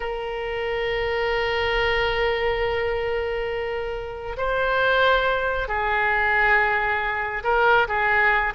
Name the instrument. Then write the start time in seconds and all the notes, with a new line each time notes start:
oboe
0.00 A#4
4.37 C5
5.68 G#4
7.43 A#4
7.87 G#4